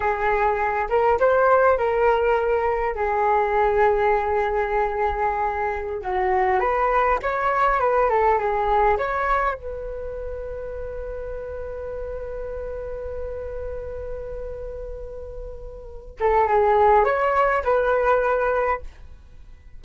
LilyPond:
\new Staff \with { instrumentName = "flute" } { \time 4/4 \tempo 4 = 102 gis'4. ais'8 c''4 ais'4~ | ais'4 gis'2.~ | gis'2~ gis'16 fis'4 b'8.~ | b'16 cis''4 b'8 a'8 gis'4 cis''8.~ |
cis''16 b'2.~ b'8.~ | b'1~ | b'2.~ b'8 a'8 | gis'4 cis''4 b'2 | }